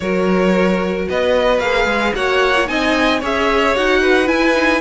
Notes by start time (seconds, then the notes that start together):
0.00 F#3 F#4 A#4 C#5
1.08 B3 B4 D#5
1.59 A#3 G#4 F5
1.85 G#3
2.14 A#3 F#4 C#5 F#5
2.56 F4
2.66 C4 D#4 D#5 G#5
3.20 C#4 G#4 C#5 E5
3.75 D#4 F#4 F#5
4.01 B4
4.26 E4 G#5
4.54 D#4